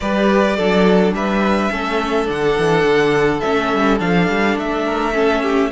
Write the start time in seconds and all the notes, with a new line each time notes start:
0.00 G3 G4 B4 D5
0.56 F#3 D4 A4
1.12 G3 B4 E5
1.71 A3 C#4 A4
2.25 D3 D4 F#5
2.58 E3
2.84 D3
3.40 A3 C#4 E5
3.73 G3
3.99 F3 D4 F5
4.27 G3
4.56 A3 E5
4.85 A#4
5.13 C#4 A4
5.42 G4